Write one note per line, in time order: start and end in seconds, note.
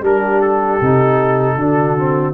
0.00 0.79 G3
0.00 0.81 D4
0.00 1.56 G4
0.00 0.41 A#4
0.41 2.34 A4
0.82 1.56 C3
0.82 1.59 D#4
1.56 2.34 D3
1.56 1.98 D4
1.56 2.34 F#4
1.98 2.34 C4